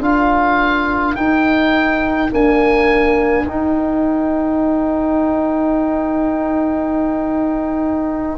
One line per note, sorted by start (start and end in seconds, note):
0.00 1.15 D4
0.00 1.17 F4
0.00 8.38 A#4
0.00 1.15 F5
1.15 2.32 D#4
1.15 2.30 D#4
1.15 2.31 G5
2.30 3.45 A#3
2.30 3.47 D4
2.30 3.47 G#5
3.47 8.38 D#4
3.47 8.38 G5